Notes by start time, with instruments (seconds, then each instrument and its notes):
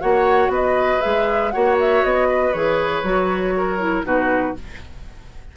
0.00 bassoon A#3, clarinet F#4, oboe C#5, flute F#5
0.48 bassoon B3, oboe B4, flute D#5
1.01 bassoon G#3, clarinet G#4, flute E5
1.51 bassoon A#3, clarinet F#4, oboe C#5, flute F#5
1.80 flute E5
2.03 bassoon B3, flute D#5
2.28 oboe B4
2.53 bassoon E3, clarinet G#4, flute C#5
3.03 bassoon F#3, clarinet F#4
3.56 oboe A#4
3.79 clarinet E4
4.03 bassoon B2, clarinet D#4, oboe F#4, flute B4